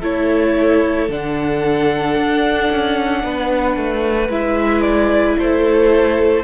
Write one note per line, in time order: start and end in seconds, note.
0.00 1.08 A3
0.00 1.09 E4
0.00 3.21 A4
0.00 1.10 C#5
1.08 2.15 D3
1.08 4.29 D4
1.08 4.31 F#5
2.15 2.69 D4
2.71 3.23 C#4
3.23 3.76 B3
3.23 5.38 B4
3.76 4.28 A3
4.28 5.35 G#3
4.28 6.43 E4
4.28 4.81 E5
4.81 5.35 D5
5.38 6.43 A3
5.38 6.43 A4
5.38 6.43 C5